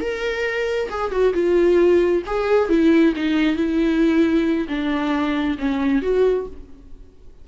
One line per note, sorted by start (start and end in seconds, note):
0.00 0.89 A#4
0.90 1.11 G#4
1.11 1.33 F#4
1.33 2.22 F4
2.26 2.69 G#4
2.69 3.13 E4
3.16 3.56 D#4
3.56 4.67 E4
4.68 5.57 D4
5.58 6.02 C#4
6.02 6.46 F#4